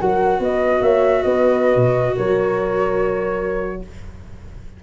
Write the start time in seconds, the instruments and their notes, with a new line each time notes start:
0.00 tuba F#3, viola F#4, horn A#4, flute F#5
0.40 tuba B3, horn B4, flute D#5
0.81 tuba A#3, horn C#5, flute E5
1.23 tuba B3, horn B4, flute D#5
1.76 tuba B2
2.16 tuba F#3, horn A#4, flute C#5